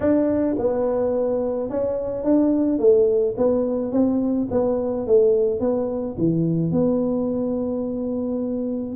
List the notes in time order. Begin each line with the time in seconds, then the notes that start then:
0.00 D4
0.58 B3
1.69 C#4
2.24 D4
2.78 A3
3.37 B3
3.92 C4
4.50 B3
5.06 A3
5.59 B3
6.17 E3
6.71 B3